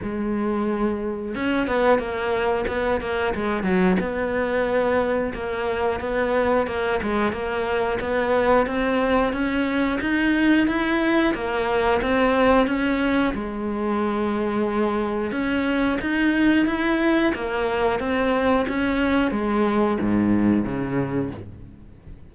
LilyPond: \new Staff \with { instrumentName = "cello" } { \time 4/4 \tempo 4 = 90 gis2 cis'8 b8 ais4 | b8 ais8 gis8 fis8 b2 | ais4 b4 ais8 gis8 ais4 | b4 c'4 cis'4 dis'4 |
e'4 ais4 c'4 cis'4 | gis2. cis'4 | dis'4 e'4 ais4 c'4 | cis'4 gis4 gis,4 cis4 | }